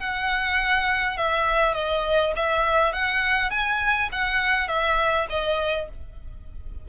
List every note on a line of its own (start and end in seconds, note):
0.00 1.18 F#5
1.18 1.74 E5
1.74 2.33 D#5
2.36 2.93 E5
2.93 3.51 F#5
3.51 4.09 G#5
4.12 4.68 F#5
4.68 5.27 E5
5.30 5.89 D#5